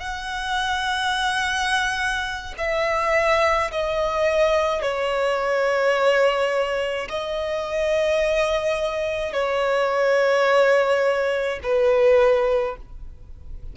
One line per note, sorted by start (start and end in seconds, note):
0.00 2.54 F#5
2.58 3.71 E5
3.72 4.82 D#5
4.82 7.09 C#5
7.09 9.33 D#5
9.33 11.59 C#5
11.63 12.76 B4